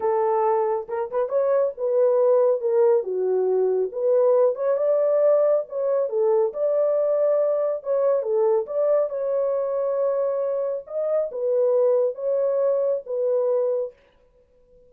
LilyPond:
\new Staff \with { instrumentName = "horn" } { \time 4/4 \tempo 4 = 138 a'2 ais'8 b'8 cis''4 | b'2 ais'4 fis'4~ | fis'4 b'4. cis''8 d''4~ | d''4 cis''4 a'4 d''4~ |
d''2 cis''4 a'4 | d''4 cis''2.~ | cis''4 dis''4 b'2 | cis''2 b'2 | }